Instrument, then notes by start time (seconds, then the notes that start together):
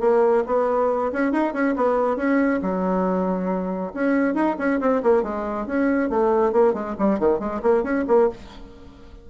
bassoon
0.00 A#3
0.46 B3
1.12 C#4
1.32 D#4
1.53 C#4
1.76 B3
2.16 C#4
2.62 F#3
3.94 C#4
4.34 D#4
4.58 C#4
4.80 C4
5.03 A#3
5.23 G#3
5.66 C#4
6.10 A3
6.52 A#3
6.73 G#3
6.99 G3
7.19 D#3
7.39 G#3
7.62 A#3
7.83 C#4
8.08 A#3